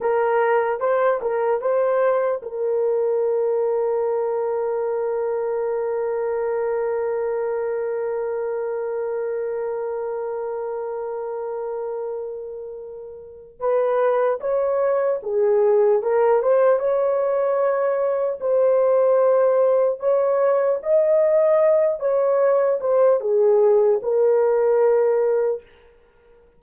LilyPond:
\new Staff \with { instrumentName = "horn" } { \time 4/4 \tempo 4 = 75 ais'4 c''8 ais'8 c''4 ais'4~ | ais'1~ | ais'1~ | ais'1~ |
ais'4 b'4 cis''4 gis'4 | ais'8 c''8 cis''2 c''4~ | c''4 cis''4 dis''4. cis''8~ | cis''8 c''8 gis'4 ais'2 | }